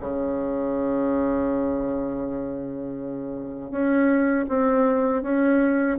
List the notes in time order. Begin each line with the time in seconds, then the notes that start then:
0.00 C#3
3.71 C#4
4.48 C4
5.23 C#4